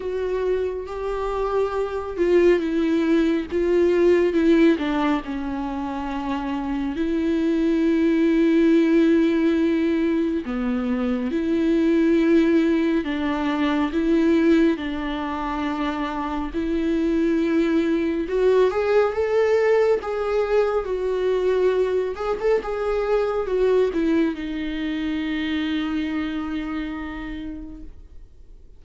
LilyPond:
\new Staff \with { instrumentName = "viola" } { \time 4/4 \tempo 4 = 69 fis'4 g'4. f'8 e'4 | f'4 e'8 d'8 cis'2 | e'1 | b4 e'2 d'4 |
e'4 d'2 e'4~ | e'4 fis'8 gis'8 a'4 gis'4 | fis'4. gis'16 a'16 gis'4 fis'8 e'8 | dis'1 | }